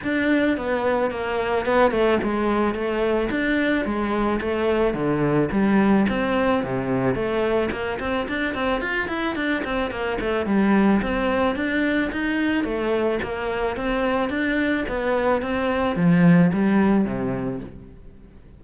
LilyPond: \new Staff \with { instrumentName = "cello" } { \time 4/4 \tempo 4 = 109 d'4 b4 ais4 b8 a8 | gis4 a4 d'4 gis4 | a4 d4 g4 c'4 | c4 a4 ais8 c'8 d'8 c'8 |
f'8 e'8 d'8 c'8 ais8 a8 g4 | c'4 d'4 dis'4 a4 | ais4 c'4 d'4 b4 | c'4 f4 g4 c4 | }